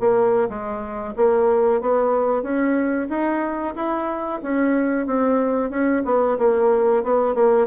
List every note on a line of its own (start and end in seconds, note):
0.00 0.49 A#3
0.50 1.15 G#3
1.17 1.81 A#3
1.81 2.43 B3
2.43 3.08 C#4
3.10 3.75 D#4
3.76 4.41 E4
4.43 5.07 C#4
5.07 5.70 C4
5.70 6.03 C#4
6.06 6.38 B3
6.39 7.04 A#3
7.04 7.35 B3
7.35 7.67 A#3